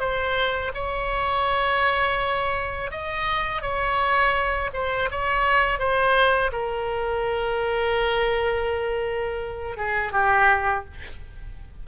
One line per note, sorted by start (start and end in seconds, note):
0.00 0.72 C5
0.75 2.91 C#5
2.91 3.62 D#5
3.62 4.71 C#5
4.73 5.10 C5
5.11 5.79 C#5
5.79 6.51 C5
6.53 9.78 A#4
9.78 10.13 G#4
10.13 10.85 G4